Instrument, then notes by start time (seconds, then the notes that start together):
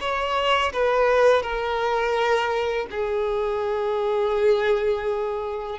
violin
0.00 C#5
0.73 B4
1.42 A#4
2.90 G#4